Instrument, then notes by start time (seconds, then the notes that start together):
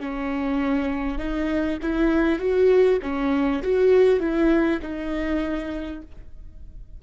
viola
0.00 C#4
1.18 D#4
1.83 E4
2.39 F#4
3.02 C#4
3.63 F#4
4.20 E4
4.82 D#4